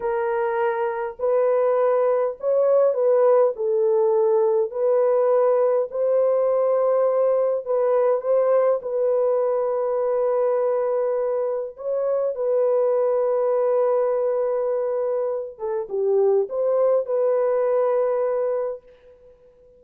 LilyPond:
\new Staff \with { instrumentName = "horn" } { \time 4/4 \tempo 4 = 102 ais'2 b'2 | cis''4 b'4 a'2 | b'2 c''2~ | c''4 b'4 c''4 b'4~ |
b'1 | cis''4 b'2.~ | b'2~ b'8 a'8 g'4 | c''4 b'2. | }